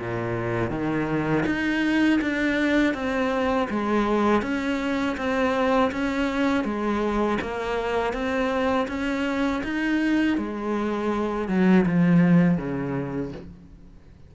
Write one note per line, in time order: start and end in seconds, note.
0.00 0.71 A#2
0.71 1.45 D#3
1.46 2.20 D#4
2.22 2.94 D4
2.94 3.68 C4
3.70 4.42 G#3
4.42 5.16 C#4
5.17 5.91 C4
5.92 6.65 C#4
6.65 7.38 G#3
7.41 8.13 A#3
8.13 8.88 C4
8.89 9.63 C#4
9.64 10.38 D#4
10.38 11.48 G#3
11.48 11.86 F#3
11.87 12.58 F3
12.58 13.32 C#3